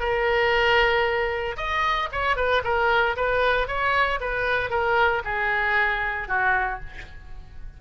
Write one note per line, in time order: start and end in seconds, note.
0.00 1.57 A#4
1.57 2.09 D#5
2.12 2.37 C#5
2.37 2.63 B4
2.64 3.16 A#4
3.16 3.68 B4
3.68 4.20 C#5
4.21 4.70 B4
4.70 5.22 A#4
5.25 6.28 G#4
6.28 6.80 F#4